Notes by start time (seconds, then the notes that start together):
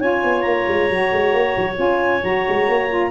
0.00 C#4 F4 C#5 G#5
0.24 B3
0.42 A#3 A#5
0.68 G#3
0.90 F#3 F#4
1.12 G#3
1.34 A#3
1.57 F#3
1.76 C#4 F4 G#5
2.23 F#3 F#4 A#5
2.49 G#3
2.69 A#3
2.89 F4